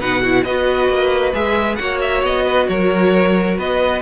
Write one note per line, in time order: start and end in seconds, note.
0.00 0.45 B2
0.00 0.23 D#4
0.00 0.22 B4
0.00 0.44 F#5
0.22 0.46 E4
0.22 0.44 F#4
0.44 0.89 B3
0.44 1.34 F#4
0.44 1.79 B4
0.44 1.33 D#5
0.89 1.33 A#3
1.34 1.79 G#3
1.34 1.78 G#4
1.34 1.75 E5
1.75 2.23 A#3
1.75 4.02 F#4
1.75 2.45 C#5
1.75 1.98 F#5
2.01 2.23 E5
2.23 2.67 B3
2.23 2.68 D#5
2.45 2.67 B4
2.68 3.58 F#3
2.68 3.58 A#4
2.68 3.57 C#5
3.58 4.02 B3
3.58 4.02 B4
3.58 4.02 D#5